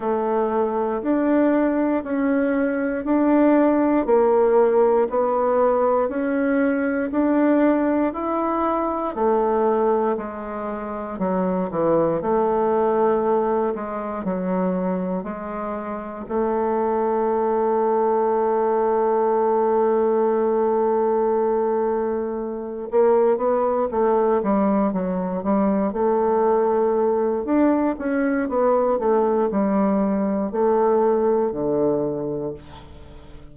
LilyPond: \new Staff \with { instrumentName = "bassoon" } { \time 4/4 \tempo 4 = 59 a4 d'4 cis'4 d'4 | ais4 b4 cis'4 d'4 | e'4 a4 gis4 fis8 e8 | a4. gis8 fis4 gis4 |
a1~ | a2~ a8 ais8 b8 a8 | g8 fis8 g8 a4. d'8 cis'8 | b8 a8 g4 a4 d4 | }